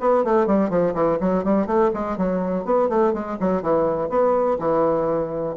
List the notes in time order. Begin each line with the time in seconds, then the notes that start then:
0.00 B3
0.24 A3
0.46 G3
0.70 F3
0.94 E3
1.20 F#3
1.44 G3
1.66 A3
1.94 G#3
2.17 F#3
2.65 B3
2.89 A3
3.13 G#3
3.40 F#3
3.62 E3
4.09 B3
4.59 E3